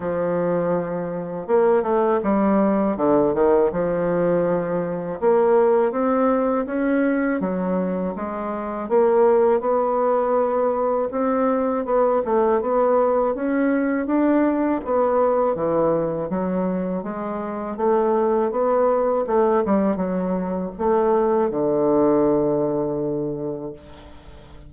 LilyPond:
\new Staff \with { instrumentName = "bassoon" } { \time 4/4 \tempo 4 = 81 f2 ais8 a8 g4 | d8 dis8 f2 ais4 | c'4 cis'4 fis4 gis4 | ais4 b2 c'4 |
b8 a8 b4 cis'4 d'4 | b4 e4 fis4 gis4 | a4 b4 a8 g8 fis4 | a4 d2. | }